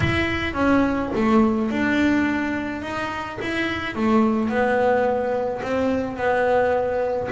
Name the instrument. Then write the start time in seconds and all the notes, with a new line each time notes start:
double bass
0.00 E4
0.53 C#4
1.15 A3
1.70 D4
2.82 D#4
3.41 E4
3.95 A3
4.49 B3
5.62 C4
6.16 B3